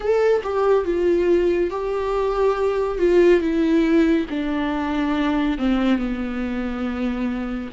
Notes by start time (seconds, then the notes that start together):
0.00 A4
0.43 G4
0.84 F4
1.70 G4
2.98 F4
3.40 E4
4.29 D4
5.58 C4
5.98 B3